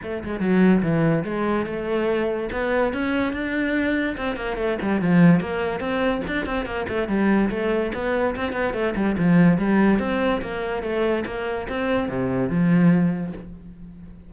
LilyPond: \new Staff \with { instrumentName = "cello" } { \time 4/4 \tempo 4 = 144 a8 gis8 fis4 e4 gis4 | a2 b4 cis'4 | d'2 c'8 ais8 a8 g8 | f4 ais4 c'4 d'8 c'8 |
ais8 a8 g4 a4 b4 | c'8 b8 a8 g8 f4 g4 | c'4 ais4 a4 ais4 | c'4 c4 f2 | }